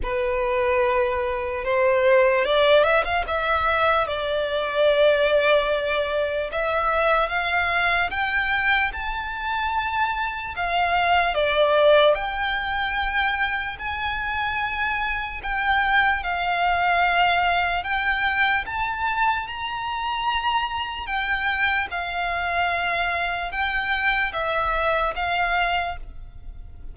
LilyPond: \new Staff \with { instrumentName = "violin" } { \time 4/4 \tempo 4 = 74 b'2 c''4 d''8 e''16 f''16 | e''4 d''2. | e''4 f''4 g''4 a''4~ | a''4 f''4 d''4 g''4~ |
g''4 gis''2 g''4 | f''2 g''4 a''4 | ais''2 g''4 f''4~ | f''4 g''4 e''4 f''4 | }